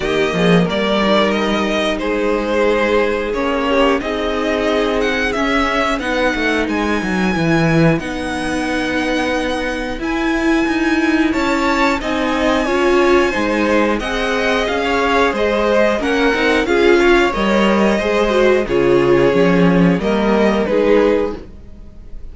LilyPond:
<<
  \new Staff \with { instrumentName = "violin" } { \time 4/4 \tempo 4 = 90 dis''4 d''4 dis''4 c''4~ | c''4 cis''4 dis''4. fis''8 | e''4 fis''4 gis''2 | fis''2. gis''4~ |
gis''4 a''4 gis''2~ | gis''4 fis''4 f''4 dis''4 | fis''4 f''4 dis''2 | cis''2 dis''4 b'4 | }
  \new Staff \with { instrumentName = "violin" } { \time 4/4 g'8 gis'8 ais'2 gis'4~ | gis'4. g'8 gis'2~ | gis'4 b'2.~ | b'1~ |
b'4 cis''4 dis''4 cis''4 | c''4 dis''4~ dis''16 cis''8. c''4 | ais'4 gis'8 cis''4. c''4 | gis'2 ais'4 gis'4 | }
  \new Staff \with { instrumentName = "viola" } { \time 4/4 ais4. dis'2~ dis'8~ | dis'4 cis'4 dis'2 | cis'4 dis'2 e'4 | dis'2. e'4~ |
e'2 dis'4 f'4 | dis'4 gis'2. | cis'8 dis'8 f'4 ais'4 gis'8 fis'8 | f'4 cis'4 ais4 dis'4 | }
  \new Staff \with { instrumentName = "cello" } { \time 4/4 dis8 f8 g2 gis4~ | gis4 ais4 c'2 | cis'4 b8 a8 gis8 fis8 e4 | b2. e'4 |
dis'4 cis'4 c'4 cis'4 | gis4 c'4 cis'4 gis4 | ais8 c'8 cis'4 g4 gis4 | cis4 f4 g4 gis4 | }
>>